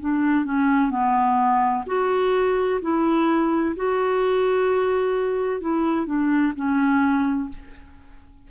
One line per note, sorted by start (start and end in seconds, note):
0.00 0.45 D4
0.45 0.90 C#4
0.90 1.84 B3
1.86 2.80 F#4
2.81 3.75 E4
3.76 5.61 F#4
5.61 6.06 E4
6.06 6.53 D4
6.55 7.49 C#4